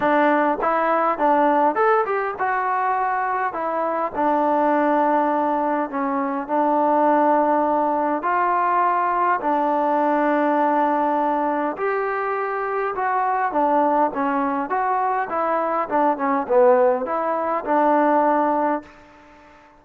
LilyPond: \new Staff \with { instrumentName = "trombone" } { \time 4/4 \tempo 4 = 102 d'4 e'4 d'4 a'8 g'8 | fis'2 e'4 d'4~ | d'2 cis'4 d'4~ | d'2 f'2 |
d'1 | g'2 fis'4 d'4 | cis'4 fis'4 e'4 d'8 cis'8 | b4 e'4 d'2 | }